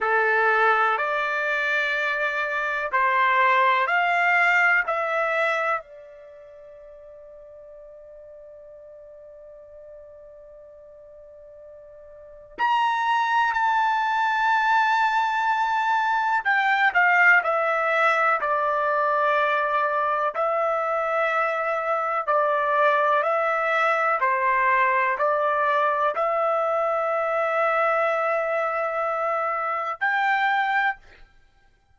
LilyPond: \new Staff \with { instrumentName = "trumpet" } { \time 4/4 \tempo 4 = 62 a'4 d''2 c''4 | f''4 e''4 d''2~ | d''1~ | d''4 ais''4 a''2~ |
a''4 g''8 f''8 e''4 d''4~ | d''4 e''2 d''4 | e''4 c''4 d''4 e''4~ | e''2. g''4 | }